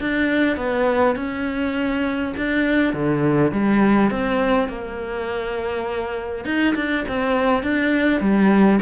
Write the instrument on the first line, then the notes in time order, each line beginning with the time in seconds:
cello
0.00 D4
0.57 B3
1.16 C#4
2.37 D4
2.93 D3
3.52 G3
4.10 C4
4.68 A#3
6.45 D#4
6.75 D4
7.08 C4
7.63 D4
8.21 G3